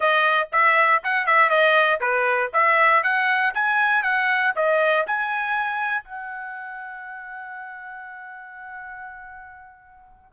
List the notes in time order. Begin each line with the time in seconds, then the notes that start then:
0.00 D#5
0.52 E5
1.03 F#5
1.26 E5
1.49 D#5
2.00 B4
2.53 E5
3.03 F#5
3.54 G#5
4.02 F#5
4.55 D#5
5.06 G#5
6.04 F#5